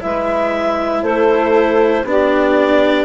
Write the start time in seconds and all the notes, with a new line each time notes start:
0.00 G#3 E4 B4 E5
1.02 A3 A4 C5
2.04 B3 D4 G4 D5